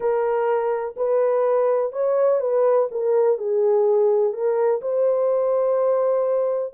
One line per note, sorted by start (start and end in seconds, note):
0.00 0.95 A#4
0.96 1.92 B4
1.92 2.40 C#5
2.40 2.88 B4
2.91 3.37 A#4
3.37 4.33 G#4
4.33 4.81 A#4
4.81 6.73 C5